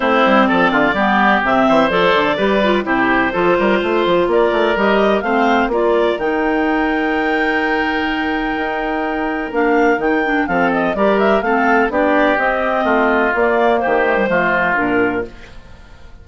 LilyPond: <<
  \new Staff \with { instrumentName = "clarinet" } { \time 4/4 \tempo 4 = 126 c''4 d''2 e''4 | d''2 c''2~ | c''4 d''4 dis''4 f''4 | d''4 g''2.~ |
g''1 | f''4 g''4 f''8 dis''8 d''8 e''8 | f''4 d''4 dis''2 | d''4 c''2 ais'4 | }
  \new Staff \with { instrumentName = "oboe" } { \time 4/4 e'4 a'8 f'8 g'4. c''8~ | c''4 b'4 g'4 a'8 ais'8 | c''4 ais'2 c''4 | ais'1~ |
ais'1~ | ais'2 a'4 ais'4 | a'4 g'2 f'4~ | f'4 g'4 f'2 | }
  \new Staff \with { instrumentName = "clarinet" } { \time 4/4 c'2 b4 c'4 | a'4 g'8 f'8 e'4 f'4~ | f'2 g'4 c'4 | f'4 dis'2.~ |
dis'1 | d'4 dis'8 d'8 c'4 g'4 | c'4 d'4 c'2 | ais4. a16 g16 a4 d'4 | }
  \new Staff \with { instrumentName = "bassoon" } { \time 4/4 a8 g8 f8 d8 g4 c8 e8 | f8 d8 g4 c4 f8 g8 | a8 f8 ais8 a8 g4 a4 | ais4 dis2.~ |
dis2 dis'2 | ais4 dis4 f4 g4 | a4 b4 c'4 a4 | ais4 dis4 f4 ais,4 | }
>>